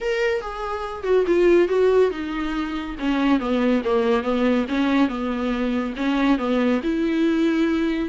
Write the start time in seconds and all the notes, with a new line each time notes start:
0.01 A#4
0.41 G#4
1.03 F#4
1.26 F4
1.68 F#4
2.11 D#4
2.99 C#4
3.39 B3
3.84 A#3
4.22 B3
4.68 C#4
5.08 B3
5.96 C#4
6.38 B3
6.83 E4